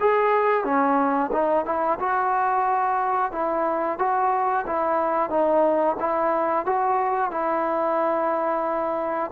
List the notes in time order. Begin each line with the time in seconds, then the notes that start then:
0.00 G#4
0.64 C#4
1.32 D#4
1.65 E4
2.00 F#4
3.32 E4
3.99 F#4
4.67 E4
5.30 D#4
6.00 E4
6.66 F#4
7.31 E4